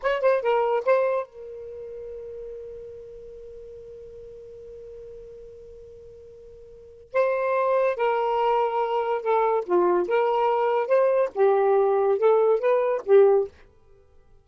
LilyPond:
\new Staff \with { instrumentName = "saxophone" } { \time 4/4 \tempo 4 = 143 cis''8 c''8 ais'4 c''4 ais'4~ | ais'1~ | ais'1~ | ais'1~ |
ais'4 c''2 ais'4~ | ais'2 a'4 f'4 | ais'2 c''4 g'4~ | g'4 a'4 b'4 g'4 | }